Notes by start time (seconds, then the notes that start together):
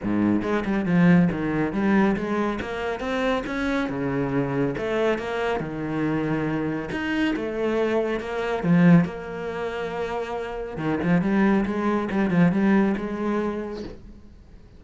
0.03 G#2
0.42 G#3
0.65 G3
0.85 F3
1.31 D#3
1.73 G3
2.16 G#3
2.61 A#3
3.00 C4
3.46 C#4
3.89 C#3
4.77 A3
5.18 A#3
5.60 D#3
6.91 D#4
7.36 A3
8.20 A#3
8.63 F3
9.04 A#3
10.77 D#3
11.03 F3
11.21 G3
11.65 G#3
12.11 G3
12.30 F3
12.52 G3
12.97 G#3